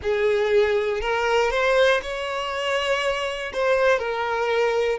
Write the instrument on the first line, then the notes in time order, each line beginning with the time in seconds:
violin
0.02 G#4
1.00 A#4
1.50 C5
2.02 C#5
3.53 C5
3.99 A#4